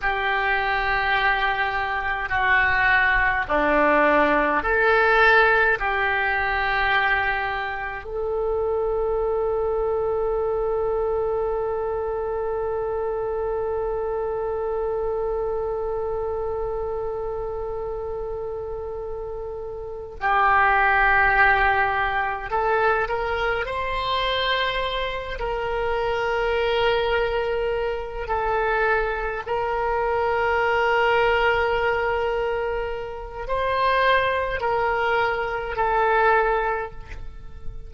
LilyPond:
\new Staff \with { instrumentName = "oboe" } { \time 4/4 \tempo 4 = 52 g'2 fis'4 d'4 | a'4 g'2 a'4~ | a'1~ | a'1~ |
a'4. g'2 a'8 | ais'8 c''4. ais'2~ | ais'8 a'4 ais'2~ ais'8~ | ais'4 c''4 ais'4 a'4 | }